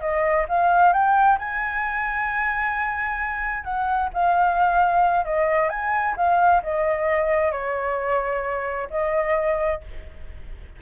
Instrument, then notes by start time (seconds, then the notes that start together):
flute
0.00 D#5
0.48 F5
0.92 G5
1.38 G#5
3.64 F#5
4.13 F5
5.25 D#5
5.69 G#5
6.16 F5
6.63 D#5
7.51 C#5
8.90 D#5